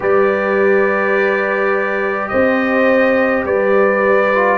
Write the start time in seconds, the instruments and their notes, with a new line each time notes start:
0.00 tuba G3, trombone G4, horn B4, trumpet D5
2.28 tuba C4, horn C5, trumpet D#5
3.44 tuba G3, horn B4, trumpet D5
4.34 trombone F4